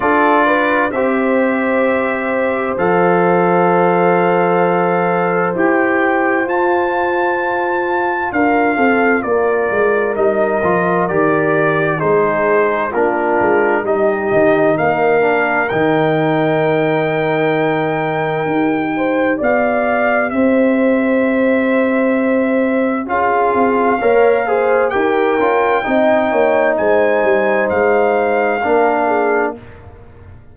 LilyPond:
<<
  \new Staff \with { instrumentName = "trumpet" } { \time 4/4 \tempo 4 = 65 d''4 e''2 f''4~ | f''2 g''4 a''4~ | a''4 f''4 d''4 dis''4 | d''4 c''4 ais'4 dis''4 |
f''4 g''2.~ | g''4 f''4 e''2~ | e''4 f''2 g''4~ | g''4 gis''4 f''2 | }
  \new Staff \with { instrumentName = "horn" } { \time 4/4 a'8 b'8 c''2.~ | c''1~ | c''4 ais'8 a'8 ais'2~ | ais'4 gis'4 f'4 g'4 |
ais'1~ | ais'8 c''8 d''4 c''2~ | c''4 gis'4 cis''8 c''8 ais'4 | dis''8 cis''8 c''2 ais'8 gis'8 | }
  \new Staff \with { instrumentName = "trombone" } { \time 4/4 f'4 g'2 a'4~ | a'2 g'4 f'4~ | f'2. dis'8 f'8 | g'4 dis'4 d'4 dis'4~ |
dis'8 d'8 dis'2. | g'1~ | g'4 f'4 ais'8 gis'8 g'8 f'8 | dis'2. d'4 | }
  \new Staff \with { instrumentName = "tuba" } { \time 4/4 d'4 c'2 f4~ | f2 e'4 f'4~ | f'4 d'8 c'8 ais8 gis8 g8 f8 | dis4 gis4 ais8 gis8 g8 dis8 |
ais4 dis2. | dis'4 b4 c'2~ | c'4 cis'8 c'8 ais4 dis'8 cis'8 | c'8 ais8 gis8 g8 gis4 ais4 | }
>>